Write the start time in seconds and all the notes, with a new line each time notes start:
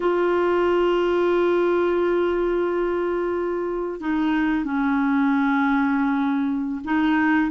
0.00 F4
4.00 D#4
4.64 C#4
6.84 D#4